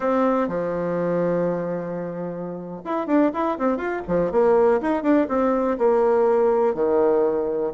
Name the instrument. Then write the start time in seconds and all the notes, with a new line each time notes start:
bassoon
0.00 C4
0.48 F3
2.85 E4
3.06 D4
3.33 E4
3.58 C4
3.77 F4
4.07 F3
4.31 A#3
4.81 D#4
5.02 D4
5.28 C4
5.78 A#3
6.74 D#3